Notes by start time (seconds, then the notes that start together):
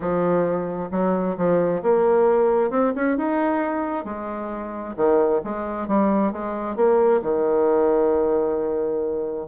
0.00 F3
0.91 F#3
1.37 F3
1.82 A#3
2.70 C4
2.95 C#4
3.17 D#4
4.04 G#3
4.96 D#3
5.44 G#3
5.87 G3
6.32 G#3
6.75 A#3
7.22 D#3